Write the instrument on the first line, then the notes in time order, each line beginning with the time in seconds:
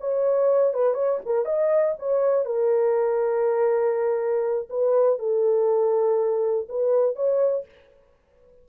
horn
0.00 C#5
0.74 B4
0.94 C#5
1.25 A#4
1.45 D#5
1.99 C#5
2.45 A#4
4.69 B4
5.18 A4
6.69 B4
7.15 C#5